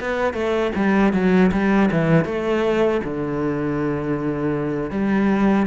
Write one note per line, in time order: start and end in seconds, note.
0.00 0.33 B3
0.33 0.71 A3
0.75 1.13 G3
1.13 1.51 F#3
1.51 1.89 G3
1.91 2.24 E3
2.24 3.00 A3
3.04 4.90 D3
4.90 5.66 G3